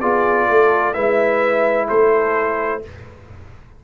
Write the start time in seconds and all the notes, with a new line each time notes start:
0.00 B3 F4 G#4 D5
0.48 A3 A4
0.93 G#3 E4 B4 E5
1.88 A3 A4 C5